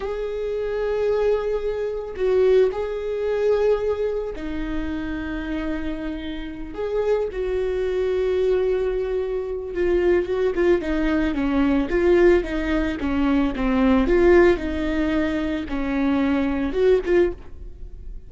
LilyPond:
\new Staff \with { instrumentName = "viola" } { \time 4/4 \tempo 4 = 111 gis'1 | fis'4 gis'2. | dis'1~ | dis'8 gis'4 fis'2~ fis'8~ |
fis'2 f'4 fis'8 f'8 | dis'4 cis'4 f'4 dis'4 | cis'4 c'4 f'4 dis'4~ | dis'4 cis'2 fis'8 f'8 | }